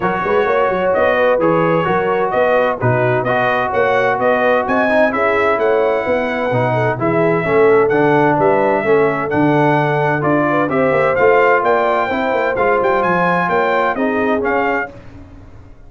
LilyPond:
<<
  \new Staff \with { instrumentName = "trumpet" } { \time 4/4 \tempo 4 = 129 cis''2 dis''4 cis''4~ | cis''4 dis''4 b'4 dis''4 | fis''4 dis''4 gis''4 e''4 | fis''2. e''4~ |
e''4 fis''4 e''2 | fis''2 d''4 e''4 | f''4 g''2 f''8 g''8 | gis''4 g''4 dis''4 f''4 | }
  \new Staff \with { instrumentName = "horn" } { \time 4/4 ais'8 b'8 cis''4. b'4. | ais'4 b'4 fis'4 b'4 | cis''4 b'4 dis''4 gis'4 | cis''4 b'4. a'8 gis'4 |
a'2 b'4 a'4~ | a'2~ a'8 b'8 c''4~ | c''4 d''4 c''2~ | c''4 cis''4 gis'2 | }
  \new Staff \with { instrumentName = "trombone" } { \time 4/4 fis'2. gis'4 | fis'2 dis'4 fis'4~ | fis'2~ fis'8 dis'8 e'4~ | e'2 dis'4 e'4 |
cis'4 d'2 cis'4 | d'2 f'4 g'4 | f'2 e'4 f'4~ | f'2 dis'4 cis'4 | }
  \new Staff \with { instrumentName = "tuba" } { \time 4/4 fis8 gis8 ais8 fis8 b4 e4 | fis4 b4 b,4 b4 | ais4 b4 c'4 cis'4 | a4 b4 b,4 e4 |
a4 d4 g4 a4 | d2 d'4 c'8 ais8 | a4 ais4 c'8 ais8 gis8 g8 | f4 ais4 c'4 cis'4 | }
>>